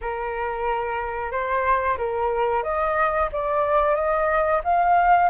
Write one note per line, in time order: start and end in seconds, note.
0.01 1.31 A#4
1.31 1.97 C5
1.97 2.63 A#4
2.63 3.29 D#5
3.32 3.95 D5
3.95 4.61 D#5
4.64 5.29 F5